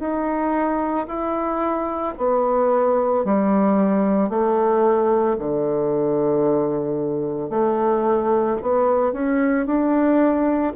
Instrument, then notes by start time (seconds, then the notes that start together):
bassoon
0.00 D#4
1.08 E4
2.18 B3
3.25 G3
4.30 A3
5.39 D3
7.50 A3
8.62 B3
9.13 C#4
9.67 D4